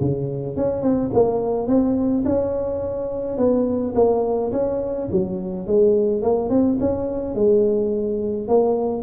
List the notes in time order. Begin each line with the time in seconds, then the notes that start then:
0.00 C#3
0.56 C#4
0.82 C4
1.13 A#3
1.67 C4
2.25 C#4
3.37 B3
3.95 A#3
4.52 C#4
5.11 F#3
5.67 G#3
6.22 A#3
6.49 C4
6.80 C#4
7.35 G#3
8.48 A#3